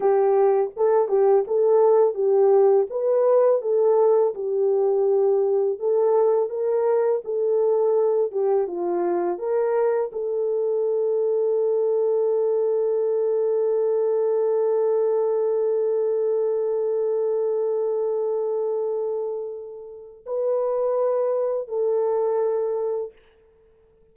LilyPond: \new Staff \with { instrumentName = "horn" } { \time 4/4 \tempo 4 = 83 g'4 a'8 g'8 a'4 g'4 | b'4 a'4 g'2 | a'4 ais'4 a'4. g'8 | f'4 ais'4 a'2~ |
a'1~ | a'1~ | a'1 | b'2 a'2 | }